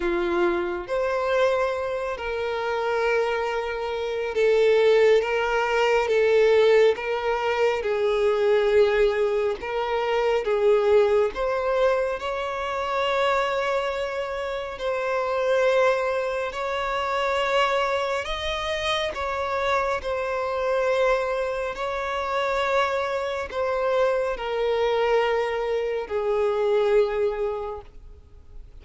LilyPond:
\new Staff \with { instrumentName = "violin" } { \time 4/4 \tempo 4 = 69 f'4 c''4. ais'4.~ | ais'4 a'4 ais'4 a'4 | ais'4 gis'2 ais'4 | gis'4 c''4 cis''2~ |
cis''4 c''2 cis''4~ | cis''4 dis''4 cis''4 c''4~ | c''4 cis''2 c''4 | ais'2 gis'2 | }